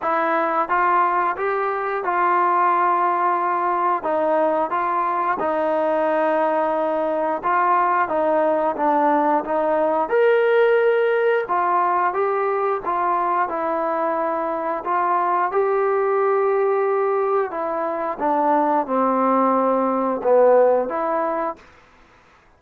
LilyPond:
\new Staff \with { instrumentName = "trombone" } { \time 4/4 \tempo 4 = 89 e'4 f'4 g'4 f'4~ | f'2 dis'4 f'4 | dis'2. f'4 | dis'4 d'4 dis'4 ais'4~ |
ais'4 f'4 g'4 f'4 | e'2 f'4 g'4~ | g'2 e'4 d'4 | c'2 b4 e'4 | }